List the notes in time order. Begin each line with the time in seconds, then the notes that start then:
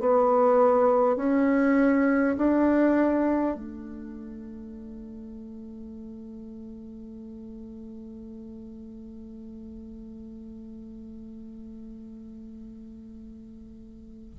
0.00 B3
1.16 C#4
2.37 D4
3.55 A3